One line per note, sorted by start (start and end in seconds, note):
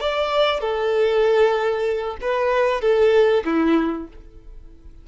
0.00 0.60 D5
0.60 2.16 A4
2.21 2.81 B4
2.81 3.43 A4
3.45 4.07 E4